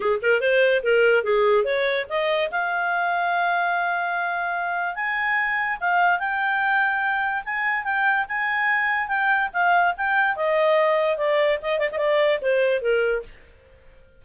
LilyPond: \new Staff \with { instrumentName = "clarinet" } { \time 4/4 \tempo 4 = 145 gis'8 ais'8 c''4 ais'4 gis'4 | cis''4 dis''4 f''2~ | f''1 | gis''2 f''4 g''4~ |
g''2 gis''4 g''4 | gis''2 g''4 f''4 | g''4 dis''2 d''4 | dis''8 d''16 dis''16 d''4 c''4 ais'4 | }